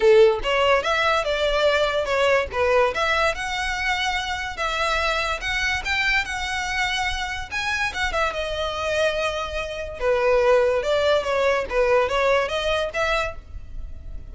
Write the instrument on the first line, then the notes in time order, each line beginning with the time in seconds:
violin
0.00 A4
0.43 C#5
0.82 E5
1.24 D5
2.05 C#5
2.52 B4
2.94 E5
3.34 F#5
4.56 E5
5.41 F#5
5.84 G5
6.24 F#5
7.51 G#5
7.93 F#5
8.12 E5
8.33 D#5
9.99 B4
10.82 D5
11.23 C#5
11.69 B4
12.08 C#5
12.48 D#5
12.93 E5